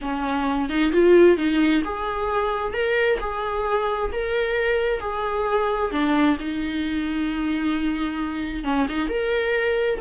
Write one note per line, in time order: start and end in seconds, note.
0.01 0.69 C#4
0.69 0.92 D#4
0.92 1.37 F4
1.37 1.82 D#4
1.84 2.73 G#4
2.73 3.18 A#4
3.20 4.11 G#4
4.12 5.00 A#4
5.00 5.91 G#4
5.91 6.37 D4
6.39 8.64 D#4
8.64 8.86 C#4
8.88 9.08 D#4
9.08 9.99 A#4